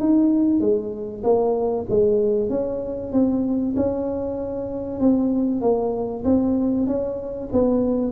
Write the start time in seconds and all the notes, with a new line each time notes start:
0.00 D#4
0.61 G#3
1.24 A#3
1.89 G#3
2.50 C#4
3.12 C4
3.76 C#4
5.00 C4
5.61 A#3
6.25 C4
6.87 C#4
7.52 B3